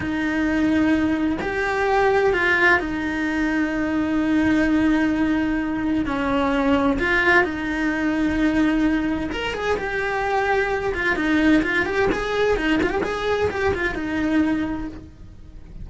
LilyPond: \new Staff \with { instrumentName = "cello" } { \time 4/4 \tempo 4 = 129 dis'2. g'4~ | g'4 f'4 dis'2~ | dis'1~ | dis'4 cis'2 f'4 |
dis'1 | ais'8 gis'8 g'2~ g'8 f'8 | dis'4 f'8 g'8 gis'4 dis'8 f'16 g'16 | gis'4 g'8 f'8 dis'2 | }